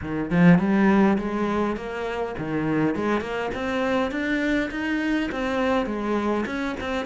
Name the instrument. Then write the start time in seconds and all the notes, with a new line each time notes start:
cello
0.01 D#3
0.30 F3
0.58 G3
1.17 G#3
1.76 A#3
2.38 D#3
2.95 G#3
3.20 A#3
3.54 C4
4.11 D4
4.71 D#4
5.31 C4
5.85 G#3
6.46 C#4
6.80 C4